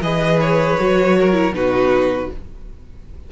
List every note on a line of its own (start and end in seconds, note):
0.00 0.76 E3
0.00 0.79 G#4
0.00 1.18 B4
0.00 0.40 D#5
0.40 1.54 C#5
0.79 1.51 F#3
0.79 1.33 F#4
1.19 1.56 A#4
1.33 1.52 E4
1.51 2.27 B2
1.51 2.29 D#4
1.51 2.32 F#4
1.51 2.31 B4